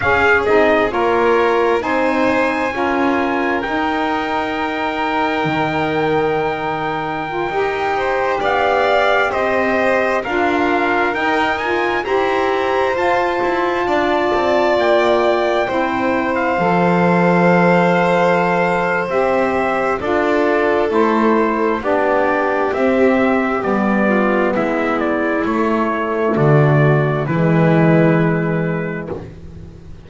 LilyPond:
<<
  \new Staff \with { instrumentName = "trumpet" } { \time 4/4 \tempo 4 = 66 f''8 dis''8 cis''4 gis''2 | g''1~ | g''4~ g''16 f''4 dis''4 f''8.~ | f''16 g''8 gis''8 ais''4 a''4.~ a''16~ |
a''16 g''4.~ g''16 f''2~ | f''4 e''4 d''4 c''4 | d''4 e''4 d''4 e''8 d''8 | cis''4 d''4 b'2 | }
  \new Staff \with { instrumentName = "violin" } { \time 4/4 gis'4 ais'4 c''4 ais'4~ | ais'1~ | ais'8. c''8 d''4 c''4 ais'8.~ | ais'4~ ais'16 c''2 d''8.~ |
d''4~ d''16 c''2~ c''8.~ | c''2 a'2 | g'2~ g'8 f'8 e'4~ | e'4 fis'4 e'2 | }
  \new Staff \with { instrumentName = "saxophone" } { \time 4/4 cis'8 dis'8 f'4 dis'4 f'4 | dis'1 | f'16 g'2. f'8.~ | f'16 dis'8 f'8 g'4 f'4.~ f'16~ |
f'4~ f'16 e'4 a'4.~ a'16~ | a'4 g'4 f'4 e'4 | d'4 c'4 b2 | a2 gis2 | }
  \new Staff \with { instrumentName = "double bass" } { \time 4/4 cis'8 c'8 ais4 c'4 cis'4 | dis'2 dis2~ | dis16 dis'4 b4 c'4 d'8.~ | d'16 dis'4 e'4 f'8 e'8 d'8 c'16~ |
c'16 ais4 c'4 f4.~ f16~ | f4 c'4 d'4 a4 | b4 c'4 g4 gis4 | a4 d4 e2 | }
>>